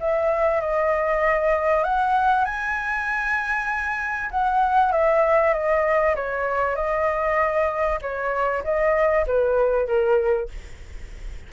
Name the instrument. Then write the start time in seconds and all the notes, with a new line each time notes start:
flute
0.00 E5
0.61 D#5
1.84 F#5
2.45 G#5
4.31 F#5
4.92 E5
5.54 D#5
6.16 C#5
6.76 D#5
8.02 C#5
8.64 D#5
9.27 B4
9.87 A#4